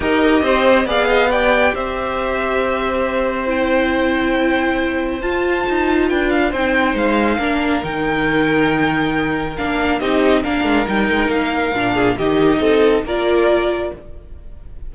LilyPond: <<
  \new Staff \with { instrumentName = "violin" } { \time 4/4 \tempo 4 = 138 dis''2 f''4 g''4 | e''1 | g''1 | a''2 g''8 f''8 g''4 |
f''2 g''2~ | g''2 f''4 dis''4 | f''4 g''4 f''2 | dis''2 d''2 | }
  \new Staff \with { instrumentName = "violin" } { \time 4/4 ais'4 c''4 d''8 dis''8 d''4 | c''1~ | c''1~ | c''2 b'4 c''4~ |
c''4 ais'2.~ | ais'2. g'4 | ais'2.~ ais'8 gis'8 | g'4 a'4 ais'2 | }
  \new Staff \with { instrumentName = "viola" } { \time 4/4 g'2 gis'4 g'4~ | g'1 | e'1 | f'2. dis'4~ |
dis'4 d'4 dis'2~ | dis'2 d'4 dis'4 | d'4 dis'2 d'4 | dis'2 f'2 | }
  \new Staff \with { instrumentName = "cello" } { \time 4/4 dis'4 c'4 b2 | c'1~ | c'1 | f'4 dis'4 d'4 c'4 |
gis4 ais4 dis2~ | dis2 ais4 c'4 | ais8 gis8 g8 gis8 ais4 ais,4 | dis4 c'4 ais2 | }
>>